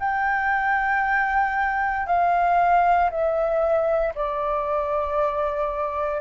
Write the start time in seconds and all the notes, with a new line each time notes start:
0.00 G5
2.07 F5
3.11 E5
4.15 D5